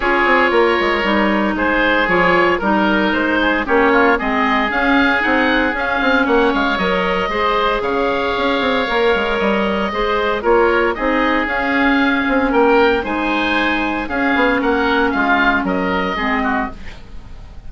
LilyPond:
<<
  \new Staff \with { instrumentName = "oboe" } { \time 4/4 \tempo 4 = 115 cis''2. c''4 | cis''4 ais'4 c''4 cis''4 | dis''4 f''4 fis''4 f''4 | fis''8 f''8 dis''2 f''4~ |
f''2 dis''2 | cis''4 dis''4 f''2 | g''4 gis''2 f''4 | fis''4 f''4 dis''2 | }
  \new Staff \with { instrumentName = "oboe" } { \time 4/4 gis'4 ais'2 gis'4~ | gis'4 ais'4. gis'8 g'8 f'8 | gis'1 | cis''2 c''4 cis''4~ |
cis''2. c''4 | ais'4 gis'2. | ais'4 c''2 gis'4 | ais'4 f'4 ais'4 gis'8 fis'8 | }
  \new Staff \with { instrumentName = "clarinet" } { \time 4/4 f'2 dis'2 | f'4 dis'2 cis'4 | c'4 cis'4 dis'4 cis'4~ | cis'4 ais'4 gis'2~ |
gis'4 ais'2 gis'4 | f'4 dis'4 cis'2~ | cis'4 dis'2 cis'4~ | cis'2. c'4 | }
  \new Staff \with { instrumentName = "bassoon" } { \time 4/4 cis'8 c'8 ais8 gis8 g4 gis4 | f4 g4 gis4 ais4 | gis4 cis'4 c'4 cis'8 c'8 | ais8 gis8 fis4 gis4 cis4 |
cis'8 c'8 ais8 gis8 g4 gis4 | ais4 c'4 cis'4. c'8 | ais4 gis2 cis'8 b8 | ais4 gis4 fis4 gis4 | }
>>